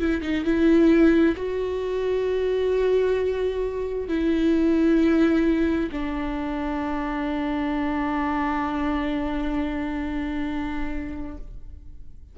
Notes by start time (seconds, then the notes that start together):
0.00 E4
0.22 D#4
0.45 E4
1.36 F#4
4.08 E4
5.92 D4